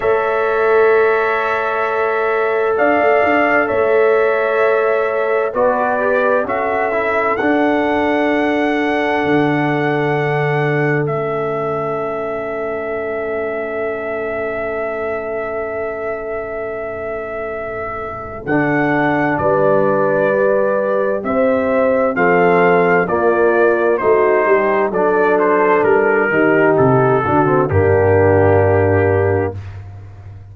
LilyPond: <<
  \new Staff \with { instrumentName = "trumpet" } { \time 4/4 \tempo 4 = 65 e''2. f''4 | e''2 d''4 e''4 | fis''1 | e''1~ |
e''1 | fis''4 d''2 e''4 | f''4 d''4 c''4 d''8 c''8 | ais'4 a'4 g'2 | }
  \new Staff \with { instrumentName = "horn" } { \time 4/4 cis''2. d''4 | cis''2 b'4 a'4~ | a'1~ | a'1~ |
a'1~ | a'4 b'2 c''4 | a'4 f'4 fis'8 g'8 a'4~ | a'8 g'4 fis'8 d'2 | }
  \new Staff \with { instrumentName = "trombone" } { \time 4/4 a'1~ | a'2 fis'8 g'8 fis'8 e'8 | d'1 | cis'1~ |
cis'1 | d'2 g'2 | c'4 ais4 dis'4 d'4~ | d'8 dis'4 d'16 c'16 ais2 | }
  \new Staff \with { instrumentName = "tuba" } { \time 4/4 a2. d'16 a16 d'8 | a2 b4 cis'4 | d'2 d2 | a1~ |
a1 | d4 g2 c'4 | f4 ais4 a8 g8 fis4 | g8 dis8 c8 d8 g,2 | }
>>